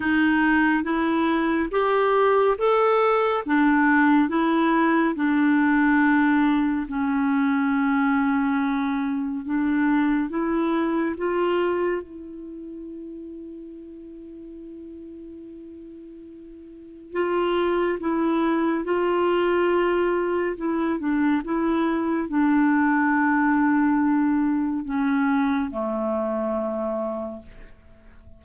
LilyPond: \new Staff \with { instrumentName = "clarinet" } { \time 4/4 \tempo 4 = 70 dis'4 e'4 g'4 a'4 | d'4 e'4 d'2 | cis'2. d'4 | e'4 f'4 e'2~ |
e'1 | f'4 e'4 f'2 | e'8 d'8 e'4 d'2~ | d'4 cis'4 a2 | }